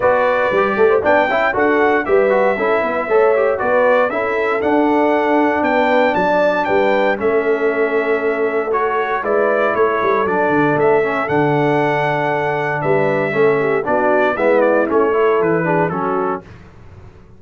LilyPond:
<<
  \new Staff \with { instrumentName = "trumpet" } { \time 4/4 \tempo 4 = 117 d''2 g''4 fis''4 | e''2. d''4 | e''4 fis''2 g''4 | a''4 g''4 e''2~ |
e''4 cis''4 d''4 cis''4 | d''4 e''4 fis''2~ | fis''4 e''2 d''4 | e''8 d''8 cis''4 b'4 a'4 | }
  \new Staff \with { instrumentName = "horn" } { \time 4/4 b'4. a'16 c''16 d''8 e''8 a'4 | b'4 a'8 b'8 cis''4 b'4 | a'2. b'4 | d''4 b'4 a'2~ |
a'2 b'4 a'4~ | a'1~ | a'4 b'4 a'8 g'8 fis'4 | e'4. a'4 gis'8 fis'4 | }
  \new Staff \with { instrumentName = "trombone" } { \time 4/4 fis'4 g'4 d'8 e'8 fis'4 | g'8 fis'8 e'4 a'8 g'8 fis'4 | e'4 d'2.~ | d'2 cis'2~ |
cis'4 fis'4 e'2 | d'4. cis'8 d'2~ | d'2 cis'4 d'4 | b4 cis'8 e'4 d'8 cis'4 | }
  \new Staff \with { instrumentName = "tuba" } { \time 4/4 b4 g8 a8 b8 cis'8 d'4 | g4 cis'8 b8 a4 b4 | cis'4 d'2 b4 | fis4 g4 a2~ |
a2 gis4 a8 g8 | fis8 d8 a4 d2~ | d4 g4 a4 b4 | gis4 a4 e4 fis4 | }
>>